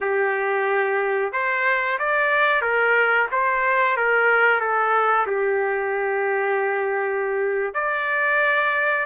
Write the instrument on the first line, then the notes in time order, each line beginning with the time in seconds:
trumpet
0.00 G4
1.32 C5
1.98 D5
2.61 A#4
3.31 C5
3.96 A#4
4.60 A4
5.27 G4
7.74 D5